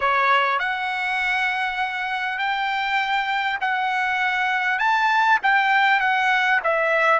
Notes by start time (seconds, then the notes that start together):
0.00 C#5
0.59 F#5
2.38 G5
3.61 F#5
4.78 A5
5.42 G5
5.99 F#5
6.63 E5